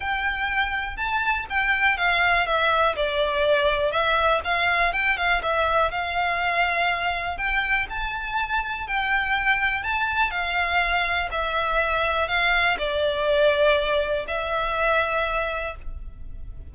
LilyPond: \new Staff \with { instrumentName = "violin" } { \time 4/4 \tempo 4 = 122 g''2 a''4 g''4 | f''4 e''4 d''2 | e''4 f''4 g''8 f''8 e''4 | f''2. g''4 |
a''2 g''2 | a''4 f''2 e''4~ | e''4 f''4 d''2~ | d''4 e''2. | }